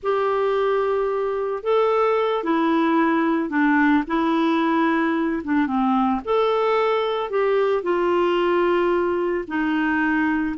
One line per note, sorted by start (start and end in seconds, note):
0.02 1.63 G4
1.63 2.43 A4
2.43 3.49 E4
3.49 4.03 D4
4.07 5.42 E4
5.44 5.66 D4
5.66 6.20 C4
6.24 7.30 A4
7.30 7.82 G4
7.82 9.44 F4
9.47 10.55 D#4